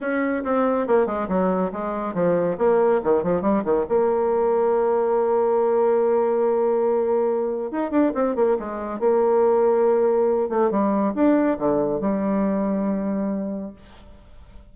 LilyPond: \new Staff \with { instrumentName = "bassoon" } { \time 4/4 \tempo 4 = 140 cis'4 c'4 ais8 gis8 fis4 | gis4 f4 ais4 dis8 f8 | g8 dis8 ais2.~ | ais1~ |
ais2 dis'8 d'8 c'8 ais8 | gis4 ais2.~ | ais8 a8 g4 d'4 d4 | g1 | }